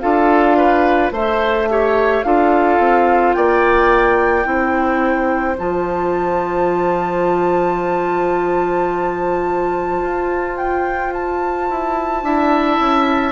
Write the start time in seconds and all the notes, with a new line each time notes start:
0.00 D4 F4 A4 F5
0.57 B4
1.12 A3 A4 C5 E5
1.69 G4 C#5
2.23 D4 F4 A4 F5
2.79 C4
3.33 A#3 D5 G5
4.44 C4 E4 C5
5.58 F3 F4 A5
10.02 F4
10.57 G5
11.13 A5
11.70 E4
12.23 D4 E4 E5
12.79 C#4